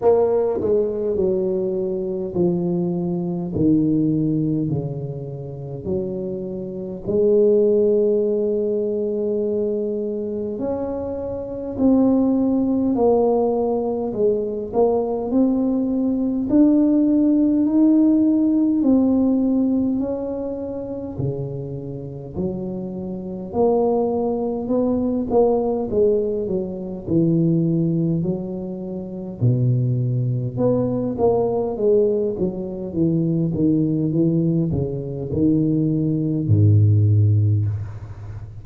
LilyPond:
\new Staff \with { instrumentName = "tuba" } { \time 4/4 \tempo 4 = 51 ais8 gis8 fis4 f4 dis4 | cis4 fis4 gis2~ | gis4 cis'4 c'4 ais4 | gis8 ais8 c'4 d'4 dis'4 |
c'4 cis'4 cis4 fis4 | ais4 b8 ais8 gis8 fis8 e4 | fis4 b,4 b8 ais8 gis8 fis8 | e8 dis8 e8 cis8 dis4 gis,4 | }